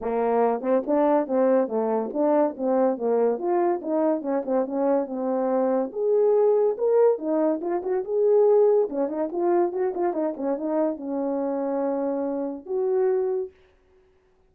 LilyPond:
\new Staff \with { instrumentName = "horn" } { \time 4/4 \tempo 4 = 142 ais4. c'8 d'4 c'4 | a4 d'4 c'4 ais4 | f'4 dis'4 cis'8 c'8 cis'4 | c'2 gis'2 |
ais'4 dis'4 f'8 fis'8 gis'4~ | gis'4 cis'8 dis'8 f'4 fis'8 f'8 | dis'8 cis'8 dis'4 cis'2~ | cis'2 fis'2 | }